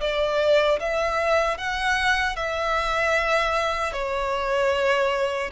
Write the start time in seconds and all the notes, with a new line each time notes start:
0.00 D5
0.79 E5
1.57 F#5
2.36 E5
3.92 C#5